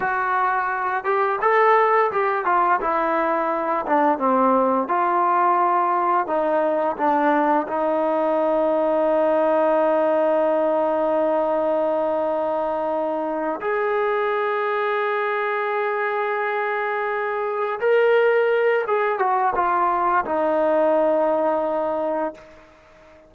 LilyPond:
\new Staff \with { instrumentName = "trombone" } { \time 4/4 \tempo 4 = 86 fis'4. g'8 a'4 g'8 f'8 | e'4. d'8 c'4 f'4~ | f'4 dis'4 d'4 dis'4~ | dis'1~ |
dis'2.~ dis'8 gis'8~ | gis'1~ | gis'4. ais'4. gis'8 fis'8 | f'4 dis'2. | }